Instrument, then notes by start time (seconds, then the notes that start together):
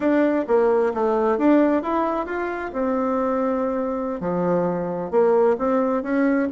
bassoon
0.00 D4
0.47 A#3
0.93 A3
1.38 D4
1.82 E4
2.25 F4
2.73 C4
4.20 F3
5.10 A#3
5.58 C4
6.02 C#4